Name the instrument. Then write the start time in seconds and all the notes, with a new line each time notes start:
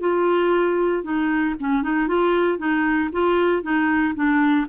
clarinet
0.00 F4
1.03 D#4
1.60 C#4
1.83 D#4
2.08 F4
2.58 D#4
3.12 F4
3.63 D#4
4.15 D4